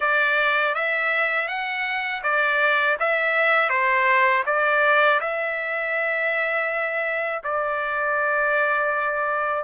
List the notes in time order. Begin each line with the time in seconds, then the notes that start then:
0.00 D5
0.74 E5
1.48 F#5
2.23 D5
2.99 E5
3.69 C5
4.45 D5
5.20 E5
7.43 D5